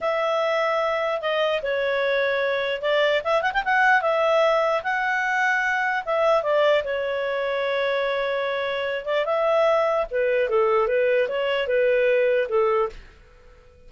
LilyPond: \new Staff \with { instrumentName = "clarinet" } { \time 4/4 \tempo 4 = 149 e''2. dis''4 | cis''2. d''4 | e''8 fis''16 g''16 fis''4 e''2 | fis''2. e''4 |
d''4 cis''2.~ | cis''2~ cis''8 d''8 e''4~ | e''4 b'4 a'4 b'4 | cis''4 b'2 a'4 | }